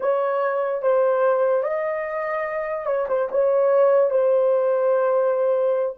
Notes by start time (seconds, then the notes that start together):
0.00 C#5
0.81 C5
1.63 D#5
2.85 C#5
3.08 C5
3.31 C#5
4.10 C5